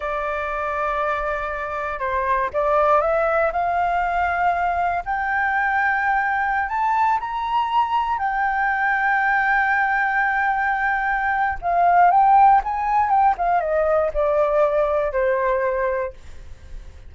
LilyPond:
\new Staff \with { instrumentName = "flute" } { \time 4/4 \tempo 4 = 119 d''1 | c''4 d''4 e''4 f''4~ | f''2 g''2~ | g''4~ g''16 a''4 ais''4.~ ais''16~ |
ais''16 g''2.~ g''8.~ | g''2. f''4 | g''4 gis''4 g''8 f''8 dis''4 | d''2 c''2 | }